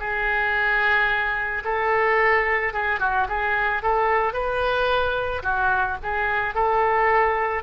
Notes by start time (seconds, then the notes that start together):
0.00 G#4
1.65 A4
2.74 G#4
3.00 F#4
3.29 G#4
3.82 A4
4.33 B4
5.43 F#4
6.03 G#4
6.55 A4